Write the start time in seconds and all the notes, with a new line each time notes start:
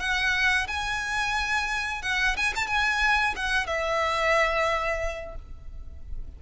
0.00 F#5
0.67 G#5
2.03 F#5
2.37 G#5
2.56 A5
2.68 G#5
3.36 F#5
3.67 E5